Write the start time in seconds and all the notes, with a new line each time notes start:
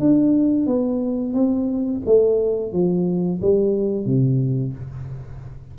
0.00 D4
0.66 B3
1.34 C4
2.05 A3
2.72 F3
3.42 G3
4.06 C3